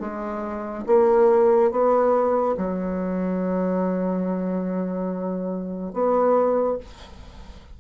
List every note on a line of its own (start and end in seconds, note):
0.00 0.85 G#3
0.87 1.71 A#3
1.71 2.56 B3
2.57 5.93 F#3
5.93 6.78 B3